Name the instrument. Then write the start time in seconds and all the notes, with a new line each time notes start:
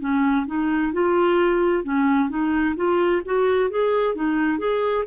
clarinet
0.00 C#4
0.47 D#4
0.93 F4
1.84 C#4
2.29 D#4
2.76 F4
3.26 F#4
3.70 G#4
4.15 D#4
4.59 G#4